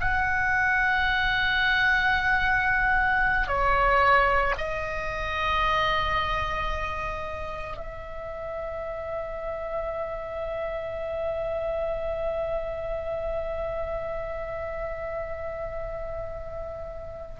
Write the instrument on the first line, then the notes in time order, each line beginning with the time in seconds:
oboe
0.00 F#5
3.48 C#5
4.58 D#5
7.77 E5